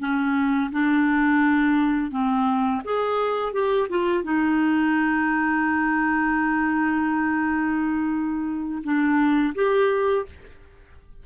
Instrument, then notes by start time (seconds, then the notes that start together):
clarinet
0.00 C#4
0.72 D4
2.12 C4
2.85 G#4
3.53 G4
3.90 F4
4.24 D#4
8.84 D4
9.55 G4